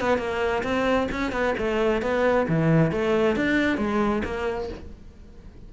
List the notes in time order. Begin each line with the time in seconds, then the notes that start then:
0.00 B3
0.18 A#3
0.63 C4
1.12 C#4
1.31 B3
1.58 A3
2.02 B3
2.48 E3
2.91 A3
3.36 D4
3.77 G#3
4.24 A#3